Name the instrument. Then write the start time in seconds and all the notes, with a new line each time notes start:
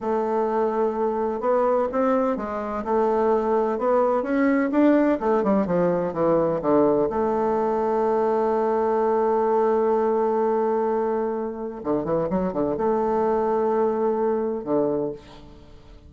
bassoon
0.00 A3
1.40 B3
1.92 C4
2.36 G#3
2.84 A3
3.78 B3
4.22 C#4
4.71 D4
5.20 A3
5.43 G3
5.66 F3
6.13 E3
6.61 D3
7.09 A3
11.83 D3
12.04 E3
12.29 F#3
12.52 D3
12.77 A3
14.64 D3